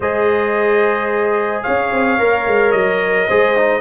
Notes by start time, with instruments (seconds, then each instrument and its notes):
0.00 tuba G#3, trombone G#4, horn C5, trumpet D#5
1.62 tuba C#4, horn C#5, trumpet F5
1.92 tuba C4
2.18 tuba A#3, trombone A#4
2.47 tuba G#3
2.71 tuba F#3, trumpet D#5
3.27 tuba G#3, trombone G#4, horn C5
3.55 trombone D#4